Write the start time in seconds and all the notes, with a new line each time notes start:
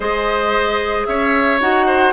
0.00 G#3 G#4 C5 D#5
1.05 C#4 C#5 E5
1.60 D#4 F#4 F#5
1.86 C5